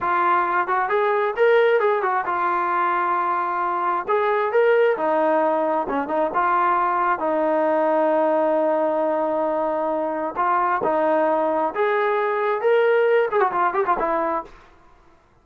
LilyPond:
\new Staff \with { instrumentName = "trombone" } { \time 4/4 \tempo 4 = 133 f'4. fis'8 gis'4 ais'4 | gis'8 fis'8 f'2.~ | f'4 gis'4 ais'4 dis'4~ | dis'4 cis'8 dis'8 f'2 |
dis'1~ | dis'2. f'4 | dis'2 gis'2 | ais'4. gis'16 fis'16 f'8 g'16 f'16 e'4 | }